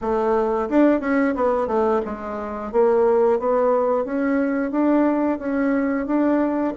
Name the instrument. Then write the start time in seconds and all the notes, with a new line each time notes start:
bassoon
0.01 A3
0.69 D4
1.00 C#4
1.35 B3
1.67 A3
2.05 G#3
2.72 A#3
3.39 B3
4.04 C#4
4.71 D4
5.38 C#4
6.06 D4